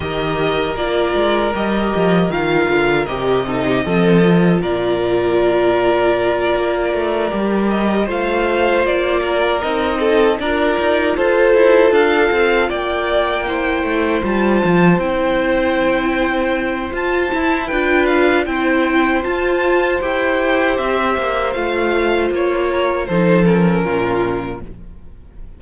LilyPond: <<
  \new Staff \with { instrumentName = "violin" } { \time 4/4 \tempo 4 = 78 dis''4 d''4 dis''4 f''4 | dis''2 d''2~ | d''2 dis''8 f''4 d''8~ | d''8 dis''4 d''4 c''4 f''8~ |
f''8 g''2 a''4 g''8~ | g''2 a''4 g''8 f''8 | g''4 a''4 g''4 e''4 | f''4 cis''4 c''8 ais'4. | }
  \new Staff \with { instrumentName = "violin" } { \time 4/4 ais'1~ | ais'8 a'16 g'16 a'4 ais'2~ | ais'2~ ais'8 c''4. | ais'4 a'8 ais'4 a'4.~ |
a'8 d''4 c''2~ c''8~ | c''2. b'4 | c''1~ | c''4. ais'8 a'4 f'4 | }
  \new Staff \with { instrumentName = "viola" } { \time 4/4 g'4 f'4 g'4 f'4 | g'8 dis'8 c'8 f'2~ f'8~ | f'4. g'4 f'4.~ | f'8 dis'4 f'2~ f'8~ |
f'4. e'4 f'4 e'8~ | e'2 f'8 e'8 f'4 | e'4 f'4 g'2 | f'2 dis'8 cis'4. | }
  \new Staff \with { instrumentName = "cello" } { \time 4/4 dis4 ais8 gis8 g8 f8 dis8 d8 | c4 f4 ais,2~ | ais,8 ais8 a8 g4 a4 ais8~ | ais8 c'4 d'8 dis'8 f'8 e'8 d'8 |
c'8 ais4. a8 g8 f8 c'8~ | c'2 f'8 e'8 d'4 | c'4 f'4 e'4 c'8 ais8 | a4 ais4 f4 ais,4 | }
>>